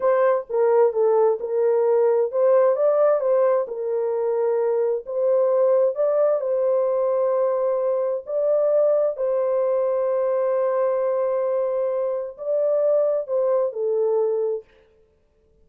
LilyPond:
\new Staff \with { instrumentName = "horn" } { \time 4/4 \tempo 4 = 131 c''4 ais'4 a'4 ais'4~ | ais'4 c''4 d''4 c''4 | ais'2. c''4~ | c''4 d''4 c''2~ |
c''2 d''2 | c''1~ | c''2. d''4~ | d''4 c''4 a'2 | }